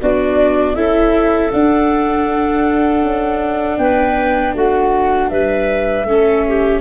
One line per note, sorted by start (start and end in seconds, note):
0.00 0.75 B3
0.00 0.76 D4
0.00 0.75 F#4
0.00 0.75 D5
0.75 1.51 C#4
0.75 1.52 E4
0.75 3.79 A4
0.75 1.51 E5
1.52 6.07 D4
1.52 3.03 D4
1.52 3.78 F#5
3.03 3.78 C#4
3.78 4.54 B3
3.78 4.55 B4
3.78 4.54 G5
4.54 5.30 A3
4.54 5.30 F#4
4.54 5.29 F#5
5.29 6.05 G3
5.29 6.06 B4
5.29 6.81 E5
6.05 6.81 A3
6.05 6.81 C#4
6.05 6.46 A4
6.48 6.81 G4